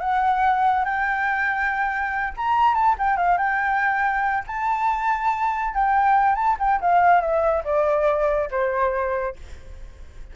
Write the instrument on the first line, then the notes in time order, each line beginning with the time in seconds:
flute
0.00 F#5
0.85 G5
2.37 A#5
2.74 A5
2.98 G5
3.17 F5
3.38 G5
4.47 A5
5.74 G5
6.35 A5
6.59 G5
6.81 F5
7.21 E5
7.64 D5
8.51 C5